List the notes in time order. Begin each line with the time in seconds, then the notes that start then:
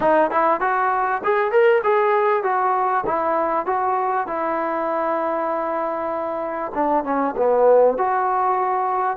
0.00 D#4
0.31 E4
0.60 F#4
1.24 G#4
1.51 A#4
1.83 G#4
2.43 F#4
3.06 E4
3.66 F#4
4.27 E4
6.74 D4
7.04 C#4
7.36 B3
7.97 F#4